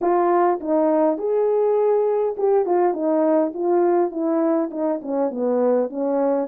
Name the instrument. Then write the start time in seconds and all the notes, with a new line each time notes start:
horn
0.01 F4
0.60 D#4
1.17 G#4
2.37 G4
2.65 F4
2.93 D#4
3.53 F4
4.11 E4
4.71 D#4
5.02 C#4
5.30 B3
5.89 C#4